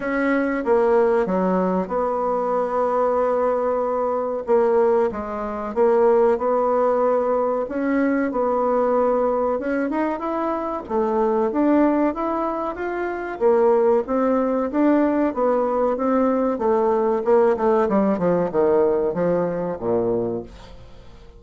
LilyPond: \new Staff \with { instrumentName = "bassoon" } { \time 4/4 \tempo 4 = 94 cis'4 ais4 fis4 b4~ | b2. ais4 | gis4 ais4 b2 | cis'4 b2 cis'8 dis'8 |
e'4 a4 d'4 e'4 | f'4 ais4 c'4 d'4 | b4 c'4 a4 ais8 a8 | g8 f8 dis4 f4 ais,4 | }